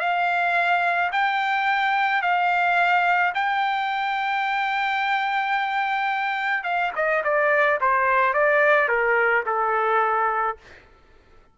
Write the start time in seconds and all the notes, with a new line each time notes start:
0.00 F5
1.12 G5
2.22 F5
3.35 G5
6.64 F5
6.96 D#5
7.24 D5
7.81 C5
8.34 D5
8.89 A#4
9.46 A4